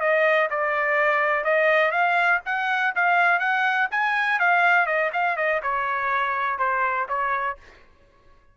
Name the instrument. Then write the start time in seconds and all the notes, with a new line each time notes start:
trumpet
0.00 D#5
0.50 D5
1.44 D#5
1.91 F5
2.45 F#5
2.95 F5
3.39 F#5
3.91 G#5
4.39 F5
4.86 D#5
5.13 F5
5.37 D#5
5.62 C#5
6.58 C5
7.08 C#5